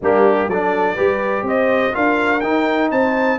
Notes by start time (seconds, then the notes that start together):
0.01 G3 A#3 D4 G4
0.48 F#3 D4 A4 D5
0.95 G3 G4 B4
1.42 C4 C5 D#5
1.92 D4 F4 A#4 F5
2.40 D#4 G5
2.90 C4 C5 A5